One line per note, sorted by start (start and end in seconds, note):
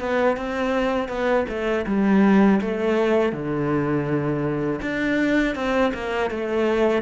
0.00 0.37 B3
0.37 1.08 C4
1.08 1.45 B3
1.48 1.86 A3
1.86 2.60 G3
2.61 3.32 A3
3.32 4.80 D3
4.81 5.55 D4
5.55 5.92 C4
5.94 6.30 A#3
6.30 7.02 A3